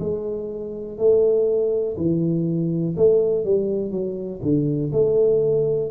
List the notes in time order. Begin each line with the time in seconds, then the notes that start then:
0.00 G#3
0.98 A3
1.97 E3
2.97 A3
3.45 G3
3.91 F#3
4.43 D3
4.93 A3